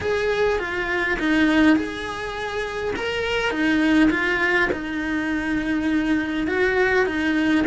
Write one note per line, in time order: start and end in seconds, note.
0.01 0.59 G#4
0.59 1.18 F4
1.19 1.76 D#4
1.76 2.94 G#4
2.96 3.51 A#4
3.51 4.09 D#4
4.10 4.69 F4
4.72 6.47 D#4
6.47 7.06 F#4
7.06 7.64 D#4